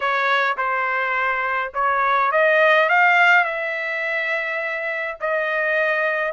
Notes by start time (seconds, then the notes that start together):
0.00 C#5
0.57 C5
1.74 C#5
2.31 D#5
2.89 F5
3.44 E5
5.20 D#5